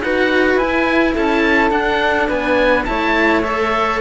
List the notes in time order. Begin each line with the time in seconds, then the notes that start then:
0.00 D#4 F#4 B4 F#5
0.55 E4 G#5
1.15 C#4 A4 A5
1.70 D4 F#5
2.28 B3 B4 G#5
2.85 A3 E4 C#5 A5
3.43 A4 E5